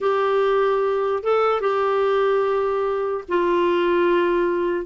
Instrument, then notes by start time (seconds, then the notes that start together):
clarinet
0.00 G4
1.23 A4
1.60 G4
3.28 F4